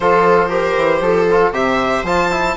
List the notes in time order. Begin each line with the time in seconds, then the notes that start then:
0.00 F3 F4 A4 C5
0.48 G4 A#4
0.76 E3
1.00 F3 A4
1.30 F4
1.51 C3 G4 C5 E5
2.03 F3 F4 A5
2.31 E4